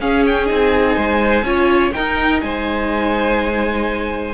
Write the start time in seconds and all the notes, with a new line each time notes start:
0.00 C#4 G#4 F5
0.27 G5
0.47 C4 D#4 G#5
0.97 G#3 C5
1.43 C#4 F4 C#5
1.92 D#4 A#4 G5
2.42 G#3 C5 G#5